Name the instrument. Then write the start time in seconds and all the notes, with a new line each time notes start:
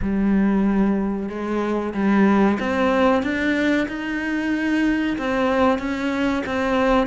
cello
0.02 G3
1.29 G#3
1.94 G3
2.59 C4
3.23 D4
3.88 D#4
5.18 C4
5.78 C#4
6.45 C4